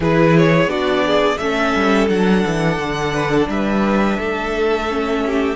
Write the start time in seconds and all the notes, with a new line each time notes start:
0.00 E3 E4 G#4 B4
0.37 C#5
0.65 B3 D4 F#4 D5
1.05 G#4
1.37 A3 C#4 A4 E5
1.75 G3
2.09 F#3 D4 F#5
2.45 E3
2.77 D3
3.13 B4
3.31 A4
3.48 G3 B4 E5
4.19 A3 A4
4.89 C#4
5.26 G4